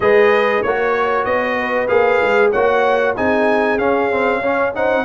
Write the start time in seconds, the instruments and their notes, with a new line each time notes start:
0.00 tuba G#3, trombone G#4, horn B4, trumpet D#5
0.62 tuba A#3, trombone F#4, trumpet C#5, horn C#5
1.24 tuba B3, trumpet D#5
1.59 horn B4
1.88 tuba A#3, trombone G#4, trumpet F5
2.22 tuba G#3
2.51 tuba A#3, trombone F#4, horn C#5, trumpet F#5
3.15 tuba C4, trombone D#4, horn G#4, trumpet G#5
3.78 tuba C#4, trombone C#4, trumpet F5
4.10 trombone C4
4.41 trombone C#4, horn C#5
4.74 trombone D#4, horn C5, trumpet F#5